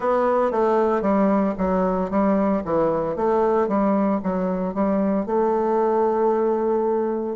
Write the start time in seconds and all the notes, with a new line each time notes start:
0.00 B3
0.51 A3
1.01 G3
1.58 F#3
2.10 G3
2.65 E3
3.16 A3
3.67 G3
4.23 F#3
4.74 G3
5.26 A3